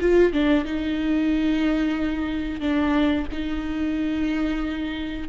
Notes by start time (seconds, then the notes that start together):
0.00 F4
0.32 D4
0.64 D#4
2.60 D4
3.32 D#4